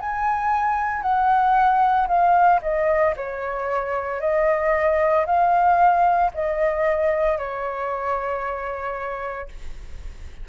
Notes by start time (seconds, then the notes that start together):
0.00 G#5
1.02 F#5
2.08 F5
2.62 D#5
3.17 C#5
4.21 D#5
5.26 F5
6.34 D#5
7.38 C#5